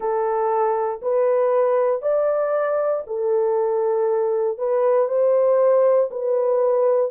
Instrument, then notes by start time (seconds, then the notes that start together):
horn
0.00 A4
1.02 B4
2.02 D5
3.06 A4
4.58 B4
5.08 C5
6.10 B4